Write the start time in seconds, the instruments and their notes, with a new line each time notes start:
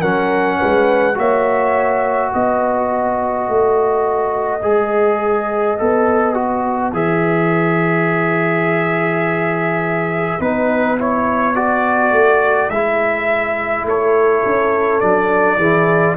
0.00 tuba F#3, trombone C#4, horn A#4, trumpet F#5
0.60 tuba G#3, horn B4
1.15 tuba A#3, trombone F#4, horn C#5, trumpet E5
2.34 tuba B3, horn B4, trumpet D#5
3.49 tuba A3
4.63 tuba G#3, trombone G#4
5.79 tuba B3, trombone A4
6.35 trombone F#4
6.93 tuba E3, trombone G#4, trumpet E5
10.40 tuba B3, trombone D#4, trumpet B4
10.99 trombone E4, trumpet C#5
11.55 trombone F#4, trumpet D5
12.12 tuba A3
12.70 tuba G#3, trombone E4, trumpet E5
13.85 tuba A3, horn A4, trumpet C#5
14.45 tuba C#4
15.01 tuba F#3, trombone D4, trumpet D5
15.57 tuba E3, trombone E4, horn G#4